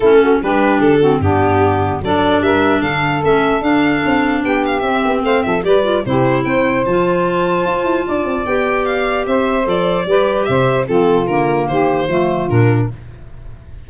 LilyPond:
<<
  \new Staff \with { instrumentName = "violin" } { \time 4/4 \tempo 4 = 149 a'4 b'4 a'4 g'4~ | g'4 d''4 e''4 f''4 | e''4 f''2 g''8 f''8 | e''4 f''8 e''8 d''4 c''4 |
g''4 a''2.~ | a''4 g''4 f''4 e''4 | d''2 e''4 a'4 | ais'4 c''2 ais'4 | }
  \new Staff \with { instrumentName = "saxophone" } { \time 4/4 e'8 fis'8 g'4. fis'8 d'4~ | d'4 a'4 ais'4 a'4~ | a'2. g'4~ | g'4 c''8 a'8 b'4 g'4 |
c''1 | d''2. c''4~ | c''4 b'4 c''4 f'4~ | f'4 g'4 f'2 | }
  \new Staff \with { instrumentName = "clarinet" } { \time 4/4 cis'4 d'4. c'8 b4~ | b4 d'2. | cis'4 d'2. | c'2 g'8 f'8 e'4~ |
e'4 f'2.~ | f'4 g'2. | a'4 g'2 c'4 | ais2 a4 d'4 | }
  \new Staff \with { instrumentName = "tuba" } { \time 4/4 a4 g4 d4 g,4~ | g,4 fis4 g4 d4 | a4 d'4 c'4 b4 | c'8 b8 a8 f8 g4 c4 |
c'4 f2 f'8 e'8 | d'8 c'8 b2 c'4 | f4 g4 c4 f4 | d4 dis4 f4 ais,4 | }
>>